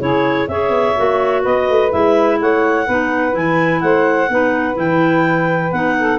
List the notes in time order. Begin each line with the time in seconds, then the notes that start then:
0.00 C#3 E4 G#4 C#5
0.48 C#4 G#4 C#5 E5
0.70 B3
0.97 A#3 F#4
1.43 B3 B4 D#5
1.70 A3
1.91 G#3 E4 E5
2.41 A3 C#5 F#5
2.86 B3 D#4 B4
3.32 E3 E4 G#5
3.81 A3 C5 F#5
4.29 B3 D#4 B4
4.74 E3 E4 G5
5.72 B3 D#4 F#5
5.99 A4